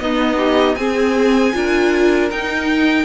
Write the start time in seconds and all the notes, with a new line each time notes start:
0.00 B3 D#4 D#5
0.37 G4
0.76 C4 G#4 G#5
1.53 D4 F4 A#4
2.31 D#4 G5